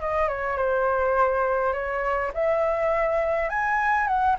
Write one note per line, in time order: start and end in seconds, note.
0.00 0.28 D#5
0.28 0.57 C#5
0.57 1.73 C5
1.73 2.31 C#5
2.34 3.49 E5
3.49 4.07 G#5
4.07 4.36 F#5